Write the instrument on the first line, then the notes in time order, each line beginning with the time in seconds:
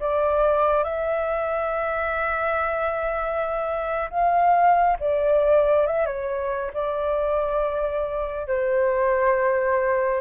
flute
0.00 D5
0.84 E5
4.11 F5
5.00 D5
5.87 E5
6.06 C#5
6.74 D5
8.48 C5